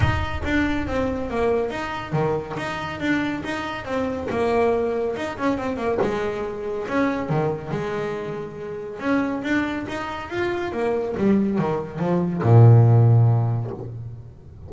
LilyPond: \new Staff \with { instrumentName = "double bass" } { \time 4/4 \tempo 4 = 140 dis'4 d'4 c'4 ais4 | dis'4 dis4 dis'4 d'4 | dis'4 c'4 ais2 | dis'8 cis'8 c'8 ais8 gis2 |
cis'4 dis4 gis2~ | gis4 cis'4 d'4 dis'4 | f'4 ais4 g4 dis4 | f4 ais,2. | }